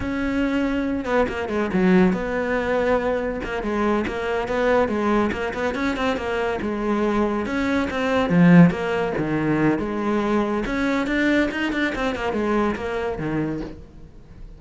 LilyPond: \new Staff \with { instrumentName = "cello" } { \time 4/4 \tempo 4 = 141 cis'2~ cis'8 b8 ais8 gis8 | fis4 b2. | ais8 gis4 ais4 b4 gis8~ | gis8 ais8 b8 cis'8 c'8 ais4 gis8~ |
gis4. cis'4 c'4 f8~ | f8 ais4 dis4. gis4~ | gis4 cis'4 d'4 dis'8 d'8 | c'8 ais8 gis4 ais4 dis4 | }